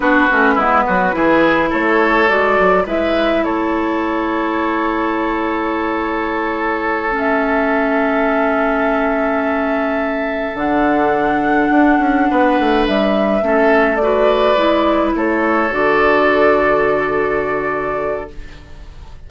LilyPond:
<<
  \new Staff \with { instrumentName = "flute" } { \time 4/4 \tempo 4 = 105 b'2. cis''4 | d''4 e''4 cis''2~ | cis''1~ | cis''8 e''2.~ e''8~ |
e''2~ e''8 fis''4.~ | fis''2~ fis''8 e''4.~ | e''8 d''2 cis''4 d''8~ | d''1 | }
  \new Staff \with { instrumentName = "oboe" } { \time 4/4 fis'4 e'8 fis'8 gis'4 a'4~ | a'4 b'4 a'2~ | a'1~ | a'1~ |
a'1~ | a'4. b'2 a'8~ | a'8 b'2 a'4.~ | a'1 | }
  \new Staff \with { instrumentName = "clarinet" } { \time 4/4 d'8 cis'8 b4 e'2 | fis'4 e'2.~ | e'1~ | e'8 cis'2.~ cis'8~ |
cis'2~ cis'8 d'4.~ | d'2.~ d'8 cis'8~ | cis'8 fis'4 e'2 fis'8~ | fis'1 | }
  \new Staff \with { instrumentName = "bassoon" } { \time 4/4 b8 a8 gis8 fis8 e4 a4 | gis8 fis8 gis4 a2~ | a1~ | a1~ |
a2~ a8 d4.~ | d8 d'8 cis'8 b8 a8 g4 a8~ | a4. gis4 a4 d8~ | d1 | }
>>